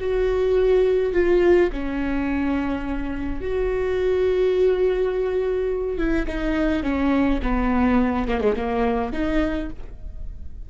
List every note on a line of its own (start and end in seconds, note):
0.00 1.13 F#4
1.13 1.70 F4
1.72 3.41 C#4
3.41 5.98 F#4
5.98 6.26 E4
6.27 6.83 D#4
6.83 7.41 C#4
7.43 8.28 B3
8.28 8.41 A#3
8.41 8.55 G#3
8.56 9.13 A#3
9.13 9.70 D#4